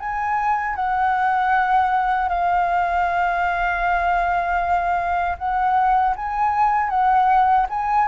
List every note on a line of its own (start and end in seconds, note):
0.00 0.76 G#5
0.76 2.29 F#5
2.29 5.37 F5
5.38 6.15 F#5
6.16 6.90 G#5
6.90 7.67 F#5
7.70 8.09 G#5